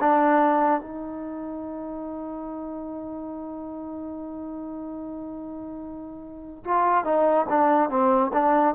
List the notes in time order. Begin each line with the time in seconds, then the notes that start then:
0.00 D4
0.80 D#4
6.64 F4
7.04 D#4
7.49 D4
7.89 C4
8.33 D4